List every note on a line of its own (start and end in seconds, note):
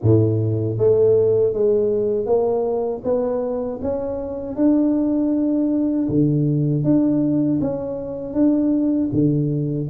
0.02 0.78 A2
0.78 1.53 A3
1.53 2.26 G#3
2.26 3.02 A#3
3.03 3.79 B3
3.81 4.56 C#4
4.56 6.08 D4
6.08 6.84 D3
6.84 7.59 D4
7.61 8.33 C#4
8.33 9.09 D4
9.12 9.88 D3